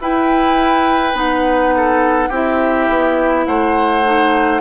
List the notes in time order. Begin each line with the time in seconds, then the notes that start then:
0.00 E4 B4 G5
1.14 B3 D#4 F#5
1.76 A4
2.29 C4 E4 G4 E5
2.89 B3
3.46 A3 C5 F#5
4.05 D#4